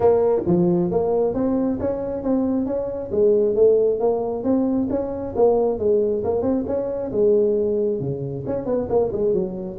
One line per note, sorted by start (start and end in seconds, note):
0.00 0.42 A#3
0.46 0.90 F3
0.91 1.34 A#3
1.34 1.78 C4
1.79 2.22 C#4
2.22 2.66 C4
2.66 3.10 C#4
3.11 3.55 G#3
3.55 3.99 A3
3.99 4.43 A#3
4.43 4.87 C4
4.89 5.34 C#4
5.35 5.78 A#3
5.78 6.23 G#3
6.24 6.42 A#3
6.42 6.64 C4
6.66 7.11 C#4
7.11 8.00 G#3
8.00 8.44 C#3
8.46 8.65 C#4
8.65 8.88 B3
8.89 9.11 A#3
9.12 9.33 G#3
9.33 9.78 F#3